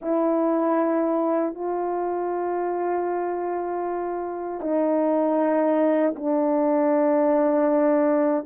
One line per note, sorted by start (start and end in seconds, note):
0.01 1.54 E4
1.54 4.60 F4
4.60 6.14 D#4
6.16 8.45 D4